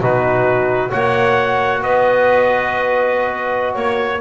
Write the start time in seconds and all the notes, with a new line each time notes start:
0.00 B2 D#4 F#4 B4
0.90 A#3 F#4 C#5 F#5
1.82 B3 B4 D#5
3.74 A#3 C#5